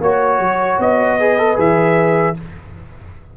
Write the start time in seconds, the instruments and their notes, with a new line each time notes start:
0.00 tuba A#3, trombone F#4, horn C#5, trumpet C#5
0.39 tuba F#3
0.79 tuba B3, trumpet D#5
1.20 trombone G#4, horn B4
1.38 trombone A4
1.56 tuba E3, trombone G#4, trumpet E5